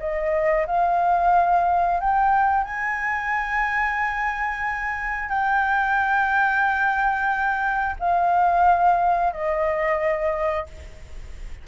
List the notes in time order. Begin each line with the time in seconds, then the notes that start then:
0.00 D#5
0.67 F5
2.01 G5
2.65 G#5
5.29 G5
8.00 F5
9.33 D#5